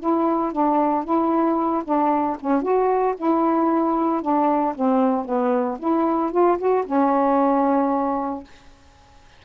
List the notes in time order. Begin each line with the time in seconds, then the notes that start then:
0.00 E4
0.52 D4
1.04 E4
1.84 D4
2.40 C#4
2.62 F#4
3.17 E4
4.22 D4
4.75 C4
5.25 B3
5.79 E4
6.32 F4
6.58 F#4
6.86 C#4